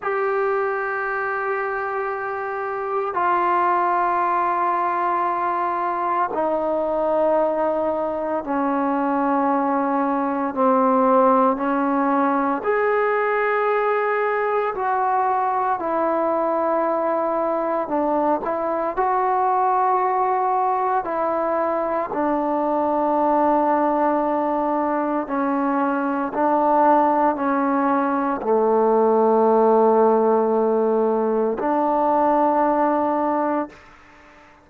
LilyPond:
\new Staff \with { instrumentName = "trombone" } { \time 4/4 \tempo 4 = 57 g'2. f'4~ | f'2 dis'2 | cis'2 c'4 cis'4 | gis'2 fis'4 e'4~ |
e'4 d'8 e'8 fis'2 | e'4 d'2. | cis'4 d'4 cis'4 a4~ | a2 d'2 | }